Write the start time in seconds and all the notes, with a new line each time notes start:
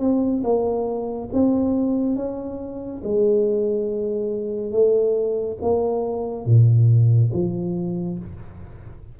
0.00 C4
0.44 A#3
1.33 C4
2.16 C#4
3.04 G#3
4.72 A3
5.62 A#3
6.46 A#2
7.33 F3